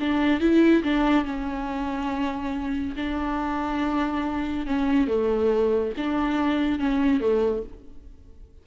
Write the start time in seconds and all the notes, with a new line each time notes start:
0.00 D4
0.41 E4
0.83 D4
1.25 C#4
2.96 D4
4.67 C#4
5.08 A3
5.97 D4
6.79 C#4
7.21 A3